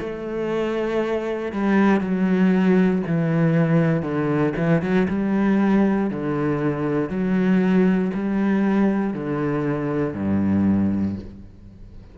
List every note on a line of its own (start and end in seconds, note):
0.00 1.53 A3
1.53 2.01 G3
2.01 3.03 F#3
3.07 4.03 E3
4.03 4.53 D3
4.57 4.83 E3
4.83 5.08 F#3
5.09 6.11 G3
6.11 7.10 D3
7.10 8.12 F#3
8.14 9.14 G3
9.14 10.14 D3
10.14 11.16 G2